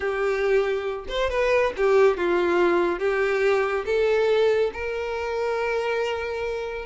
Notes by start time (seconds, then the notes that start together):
0.00 G4
1.08 C5
1.30 B4
1.76 G4
2.17 F4
2.99 G4
3.85 A4
4.73 A#4